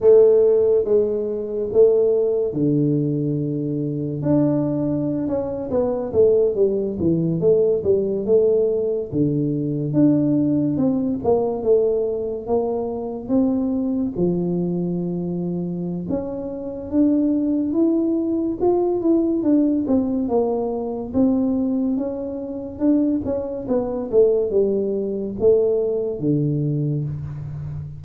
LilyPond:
\new Staff \with { instrumentName = "tuba" } { \time 4/4 \tempo 4 = 71 a4 gis4 a4 d4~ | d4 d'4~ d'16 cis'8 b8 a8 g16~ | g16 e8 a8 g8 a4 d4 d'16~ | d'8. c'8 ais8 a4 ais4 c'16~ |
c'8. f2~ f16 cis'4 | d'4 e'4 f'8 e'8 d'8 c'8 | ais4 c'4 cis'4 d'8 cis'8 | b8 a8 g4 a4 d4 | }